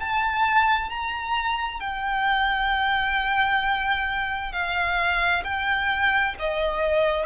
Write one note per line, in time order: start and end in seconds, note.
0.00 0.90 A5
0.90 1.80 A#5
1.80 4.52 G5
4.52 5.43 F5
5.44 6.35 G5
6.39 7.26 D#5